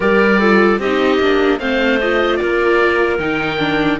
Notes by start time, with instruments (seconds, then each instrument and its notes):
0.00 cello G3, viola G4, clarinet A#4, oboe D5
0.39 viola F4, clarinet A4
0.78 cello C4, viola D#4, clarinet G4, oboe D#5
1.20 cello A#3, viola D4
1.59 cello A3, viola C4, clarinet C5, oboe F5
2.01 viola F4, oboe D#5
2.36 cello A#3, clarinet A#4, oboe D5
3.18 cello D#3, viola D#4, oboe G5
3.58 viola D4